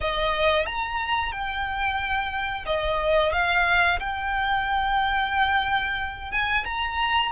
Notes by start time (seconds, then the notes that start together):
0.00 D#5
0.65 A#5
1.32 G5
2.65 D#5
3.32 F5
3.99 G5
6.31 G#5
6.65 A#5